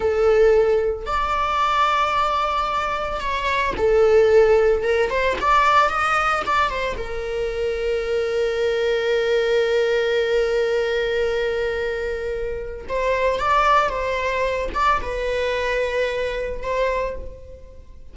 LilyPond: \new Staff \with { instrumentName = "viola" } { \time 4/4 \tempo 4 = 112 a'2 d''2~ | d''2 cis''4 a'4~ | a'4 ais'8 c''8 d''4 dis''4 | d''8 c''8 ais'2.~ |
ais'1~ | ais'1 | c''4 d''4 c''4. d''8 | b'2. c''4 | }